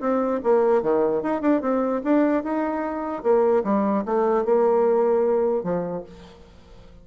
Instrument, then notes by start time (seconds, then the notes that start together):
bassoon
0.00 C4
0.43 A#3
0.82 D#3
1.22 D#4
1.41 D4
1.61 C4
2.04 D4
2.43 D#4
3.23 A#3
3.64 G3
4.05 A3
4.45 A#3
5.63 F3